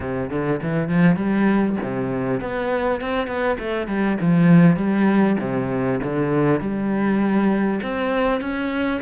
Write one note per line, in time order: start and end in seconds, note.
0.00 0.30 C3
0.30 0.60 D3
0.62 0.88 E3
0.88 1.16 F3
1.16 1.76 G3
1.82 2.41 C3
2.41 3.01 B3
3.01 3.27 C4
3.27 3.57 B3
3.58 3.87 A3
3.87 4.17 G3
4.21 4.76 F3
4.76 5.36 G3
5.39 5.99 C3
6.03 6.60 D3
6.60 7.80 G3
7.82 8.40 C4
8.40 9.00 C#4